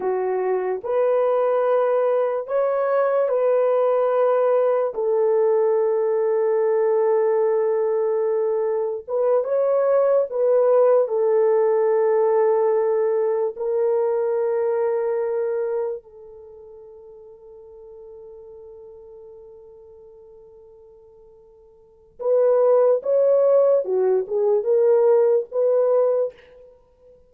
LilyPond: \new Staff \with { instrumentName = "horn" } { \time 4/4 \tempo 4 = 73 fis'4 b'2 cis''4 | b'2 a'2~ | a'2. b'8 cis''8~ | cis''8 b'4 a'2~ a'8~ |
a'8 ais'2. a'8~ | a'1~ | a'2. b'4 | cis''4 fis'8 gis'8 ais'4 b'4 | }